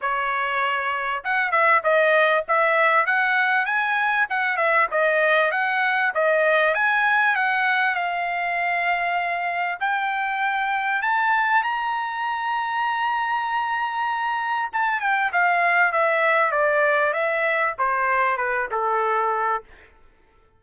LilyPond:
\new Staff \with { instrumentName = "trumpet" } { \time 4/4 \tempo 4 = 98 cis''2 fis''8 e''8 dis''4 | e''4 fis''4 gis''4 fis''8 e''8 | dis''4 fis''4 dis''4 gis''4 | fis''4 f''2. |
g''2 a''4 ais''4~ | ais''1 | a''8 g''8 f''4 e''4 d''4 | e''4 c''4 b'8 a'4. | }